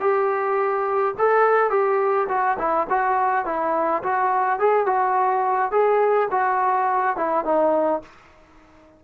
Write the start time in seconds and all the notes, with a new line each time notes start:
0.00 G4
1.18 A4
1.70 G4
2.28 F#4
2.58 E4
2.89 F#4
3.45 E4
4.03 F#4
4.59 G#4
4.86 F#4
5.71 G#4
6.31 F#4
7.16 E4
7.44 D#4